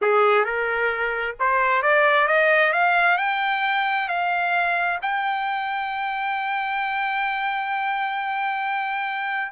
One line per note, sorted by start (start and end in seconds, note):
0.01 0.44 G#4
0.44 1.35 A#4
1.39 1.82 C5
1.82 2.27 D5
2.27 2.72 D#5
2.72 3.17 F5
3.17 4.08 G5
4.08 4.99 F5
5.01 9.52 G5